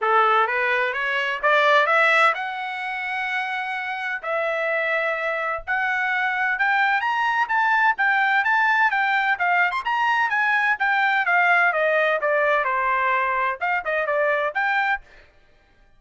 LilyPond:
\new Staff \with { instrumentName = "trumpet" } { \time 4/4 \tempo 4 = 128 a'4 b'4 cis''4 d''4 | e''4 fis''2.~ | fis''4 e''2. | fis''2 g''4 ais''4 |
a''4 g''4 a''4 g''4 | f''8. c'''16 ais''4 gis''4 g''4 | f''4 dis''4 d''4 c''4~ | c''4 f''8 dis''8 d''4 g''4 | }